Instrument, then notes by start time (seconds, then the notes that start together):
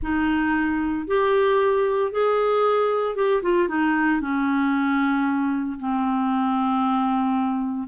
clarinet
0.02 D#4
1.07 G4
2.11 G#4
3.15 G4
3.42 F4
3.68 D#4
4.21 C#4
5.79 C4